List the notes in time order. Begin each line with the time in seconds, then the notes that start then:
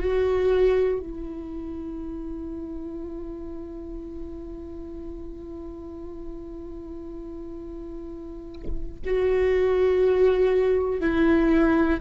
0.00 F#4
1.00 E4
9.06 F#4
11.01 E4